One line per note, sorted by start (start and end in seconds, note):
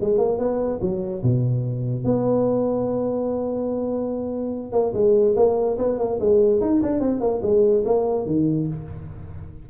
0.00 0.18 G#3
0.18 0.38 A#3
0.38 0.79 B3
0.81 1.22 F#3
1.22 2.04 B2
2.04 4.72 B3
4.72 4.93 A#3
4.93 5.35 G#3
5.36 5.77 A#3
5.77 5.98 B3
5.98 6.19 A#3
6.19 6.60 G#3
6.60 6.81 D#4
6.82 6.99 D4
6.99 7.20 C4
7.20 7.41 A#3
7.42 7.84 G#3
7.85 8.26 A#3
8.26 8.67 D#3